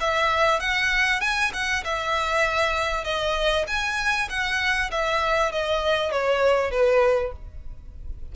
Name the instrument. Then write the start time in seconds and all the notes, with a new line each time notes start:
violin
0.00 E5
0.60 F#5
1.21 G#5
1.53 F#5
1.84 E5
3.04 D#5
3.67 G#5
4.29 F#5
4.91 E5
5.52 D#5
6.11 C#5
6.71 B4